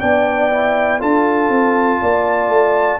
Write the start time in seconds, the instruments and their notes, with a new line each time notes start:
0.00 tuba B3, trombone D4, horn D5, trumpet G5
0.50 trombone E4
0.99 tuba D4, trombone F4, horn A4, trumpet A5
1.49 tuba C4
2.01 tuba A#3, horn D5
2.48 tuba A3